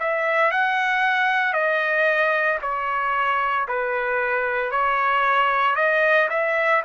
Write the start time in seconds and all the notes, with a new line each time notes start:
0.00 E5
0.51 F#5
1.53 D#5
2.62 C#5
3.68 B4
4.72 C#5
5.76 D#5
6.30 E5